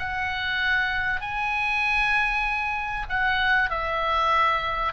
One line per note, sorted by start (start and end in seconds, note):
0.00 1.21 F#5
1.21 3.07 G#5
3.10 3.71 F#5
3.71 4.93 E5